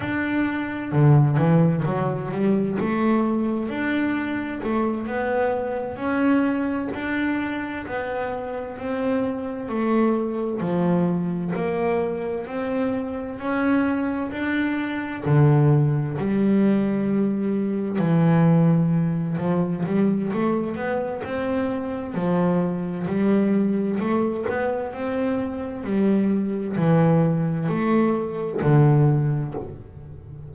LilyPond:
\new Staff \with { instrumentName = "double bass" } { \time 4/4 \tempo 4 = 65 d'4 d8 e8 fis8 g8 a4 | d'4 a8 b4 cis'4 d'8~ | d'8 b4 c'4 a4 f8~ | f8 ais4 c'4 cis'4 d'8~ |
d'8 d4 g2 e8~ | e4 f8 g8 a8 b8 c'4 | f4 g4 a8 b8 c'4 | g4 e4 a4 d4 | }